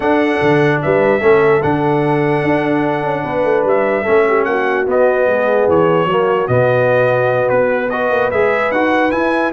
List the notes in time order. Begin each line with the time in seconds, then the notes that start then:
0.00 D4 A4 F#5
0.41 D3
0.82 G3 B4 E5
1.20 A3 C#4 A4
1.62 D3 D4 F#5
2.43 D4
3.02 C#4
3.23 B3 B4
3.44 A3
3.64 G3 E5
4.02 A3 C#4 A4
4.28 G4
4.44 A#3 F#4 F#5
4.87 B3 D#5
5.27 G#3 G#4
5.68 E3 C#5
6.05 F#3 A#3 F#4
6.47 B2 B3 D#5
7.49 B3 B4
7.89 F#4 B4 D#5
8.10 A#3
8.31 G#3 G#4 E5
8.71 D#4 F#4 F#5
9.11 E4 G#5